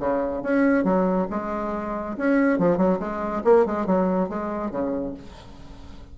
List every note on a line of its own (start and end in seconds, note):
0.00 0.43 C#3
0.43 0.85 C#4
0.85 1.28 F#3
1.31 2.17 G#3
2.18 2.59 C#4
2.59 2.78 F3
2.78 2.99 F#3
3.00 3.43 G#3
3.45 3.66 A#3
3.66 3.87 G#3
3.87 4.30 F#3
4.30 4.71 G#3
4.71 5.14 C#3